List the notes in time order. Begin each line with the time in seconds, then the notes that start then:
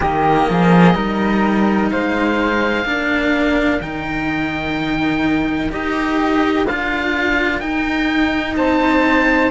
0.00 D#3 A#3 G4 D#5
0.49 F3 G#4
0.94 G3 D#4 A#4
1.90 G#3 C5 F5
2.84 A#3 D4 A#4
3.81 D#3 D#4 G5
5.70 D#4 G4 D#5
6.66 D4 F4 F5
7.59 D#4 G5
8.56 C4 C5 A5